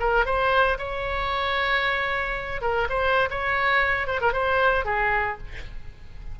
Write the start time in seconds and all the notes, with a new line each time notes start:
0.00 A#4
0.25 C5
0.78 C#5
2.61 A#4
2.89 C5
3.30 C#5
4.07 C5
4.21 A#4
4.32 C5
4.85 G#4